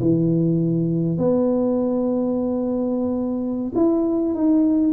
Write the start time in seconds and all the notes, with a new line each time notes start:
0.00 E3
1.18 B3
3.75 E4
4.34 D#4